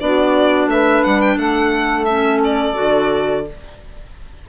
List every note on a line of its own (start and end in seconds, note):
0.00 0.67 B3
0.00 2.07 D4
0.00 0.71 F#4
0.00 0.69 D5
0.67 1.01 A3
0.67 1.38 B4
0.67 1.04 E5
1.04 1.37 G3
1.04 1.21 F#5
1.21 1.38 G5
1.37 2.75 A3
1.37 3.45 A4
1.37 2.05 F#5
2.05 2.74 C#4
2.05 2.39 E5
2.44 3.47 D5
2.74 3.48 D3
2.74 3.43 F#4